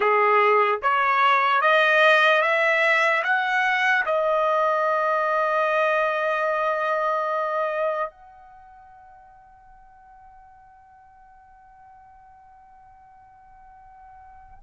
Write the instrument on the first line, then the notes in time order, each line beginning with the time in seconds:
trumpet
0.00 G#4
0.82 C#5
1.61 D#5
2.41 E5
3.23 F#5
4.05 D#5
8.10 F#5